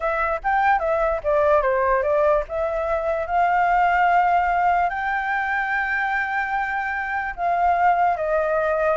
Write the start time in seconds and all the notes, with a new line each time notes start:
0.00 E5
0.43 G5
0.79 E5
1.23 D5
1.61 C5
2.02 D5
2.48 E5
3.26 F5
4.89 G5
7.36 F5
8.16 D#5